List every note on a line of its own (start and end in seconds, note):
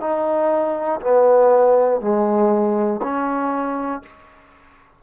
0.00 1.00 D#4
1.01 2.00 B3
2.00 3.00 G#3
3.02 4.02 C#4